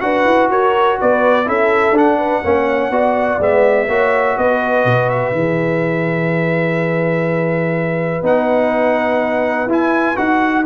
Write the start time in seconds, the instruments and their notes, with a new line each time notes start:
0.00 tuba D4, trombone F#4, horn B4, trumpet F#5
0.25 tuba E4
0.49 tuba F#4, horn A#4, trumpet C#5
0.99 tuba B3, horn B4, trumpet D5
1.44 tuba C#4, trombone E4, horn A4, trumpet E5
1.91 tuba D4, trombone D4
1.97 trumpet F#5
2.18 horn B4
2.43 tuba A#3, trombone C#4, horn C#5
2.90 tuba B3, trombone F#4, horn D5
3.39 tuba G#3, trombone B3, trumpet E5
3.88 tuba A#3, trombone F#4, horn C#5
4.37 tuba B3, horn B4, trumpet D#5
4.84 tuba B2
5.09 trumpet E5
5.31 tuba E3, trombone G#4
8.22 tuba B3, trombone D#4, trumpet F#5
9.66 tuba E4, trombone E4, trumpet G#5
10.16 tuba D#4, trombone F#4, trumpet F#5